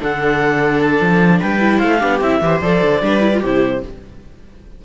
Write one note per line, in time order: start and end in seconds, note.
0.00 1.01 D3
0.00 1.60 D4
0.00 1.40 A4
0.00 0.80 F#5
0.80 1.41 A5
1.01 1.41 F3
1.40 1.83 G3
1.40 1.78 B4
1.40 1.79 G5
1.60 2.00 E4
1.78 2.03 A3
1.78 1.98 C5
1.78 2.19 F5
2.00 2.21 B3
2.00 2.20 D4
2.00 2.40 G4
2.21 2.41 C4
2.21 2.43 E4
2.21 2.61 E5
2.41 2.61 E3
2.41 2.63 G4
2.41 3.03 C5
2.61 2.82 F3
2.61 3.03 A4
2.61 3.42 D5
2.82 3.02 D3
3.02 3.42 G3
3.02 3.21 D4
3.02 3.40 B4
3.21 3.31 E4
3.34 3.44 F4
3.40 3.84 C3
3.40 3.85 E4
3.40 3.80 G4
3.40 3.83 C5